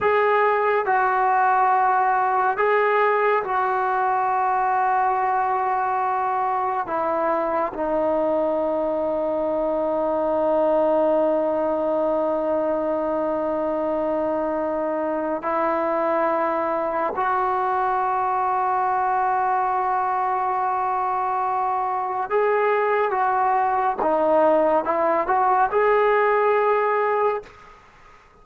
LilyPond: \new Staff \with { instrumentName = "trombone" } { \time 4/4 \tempo 4 = 70 gis'4 fis'2 gis'4 | fis'1 | e'4 dis'2.~ | dis'1~ |
dis'2 e'2 | fis'1~ | fis'2 gis'4 fis'4 | dis'4 e'8 fis'8 gis'2 | }